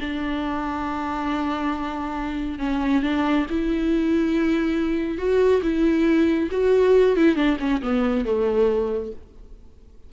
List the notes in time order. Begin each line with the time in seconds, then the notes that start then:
0.00 D4
2.59 C#4
3.03 D4
3.50 E4
5.18 F#4
5.62 E4
6.51 F#4
7.16 E4
7.36 D4
7.60 C#4
7.82 B3
8.25 A3